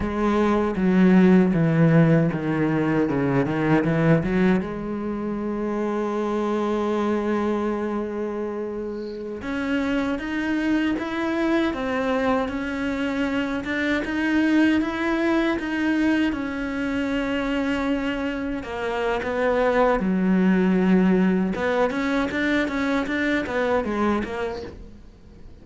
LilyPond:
\new Staff \with { instrumentName = "cello" } { \time 4/4 \tempo 4 = 78 gis4 fis4 e4 dis4 | cis8 dis8 e8 fis8 gis2~ | gis1~ | gis16 cis'4 dis'4 e'4 c'8.~ |
c'16 cis'4. d'8 dis'4 e'8.~ | e'16 dis'4 cis'2~ cis'8.~ | cis'16 ais8. b4 fis2 | b8 cis'8 d'8 cis'8 d'8 b8 gis8 ais8 | }